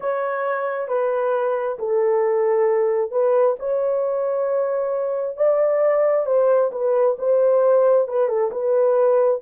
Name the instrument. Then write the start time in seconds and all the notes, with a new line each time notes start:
horn
0.00 C#5
0.88 B4
1.78 A4
3.11 B4
3.59 C#5
5.36 D5
6.26 C5
6.71 B4
7.18 C5
8.08 B4
8.28 A4
8.51 B4